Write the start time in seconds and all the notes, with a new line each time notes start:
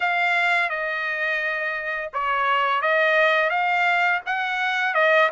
0.00 F5
0.69 D#5
2.13 C#5
2.81 D#5
3.50 F5
4.25 F#5
4.94 D#5